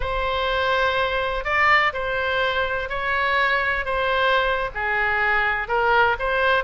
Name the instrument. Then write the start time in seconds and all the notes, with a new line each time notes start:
oboe
0.00 C5
1.44 D5
1.93 C5
2.89 C#5
3.85 C5
4.74 G#4
5.67 A#4
6.19 C5